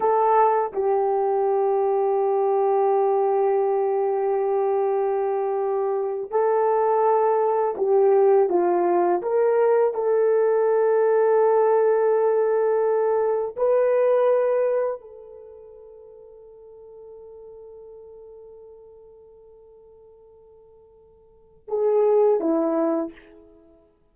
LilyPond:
\new Staff \with { instrumentName = "horn" } { \time 4/4 \tempo 4 = 83 a'4 g'2.~ | g'1~ | g'8. a'2 g'4 f'16~ | f'8. ais'4 a'2~ a'16~ |
a'2~ a'8. b'4~ b'16~ | b'8. a'2.~ a'16~ | a'1~ | a'2 gis'4 e'4 | }